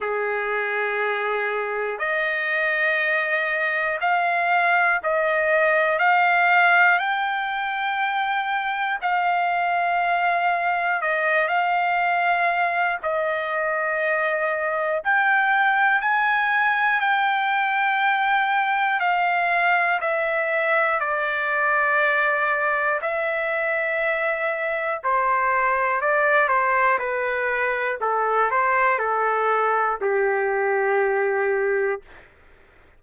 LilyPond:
\new Staff \with { instrumentName = "trumpet" } { \time 4/4 \tempo 4 = 60 gis'2 dis''2 | f''4 dis''4 f''4 g''4~ | g''4 f''2 dis''8 f''8~ | f''4 dis''2 g''4 |
gis''4 g''2 f''4 | e''4 d''2 e''4~ | e''4 c''4 d''8 c''8 b'4 | a'8 c''8 a'4 g'2 | }